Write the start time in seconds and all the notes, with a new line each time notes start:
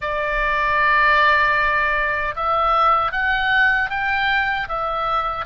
0.01 D5
2.36 E5
3.12 F#5
3.90 G5
4.68 E5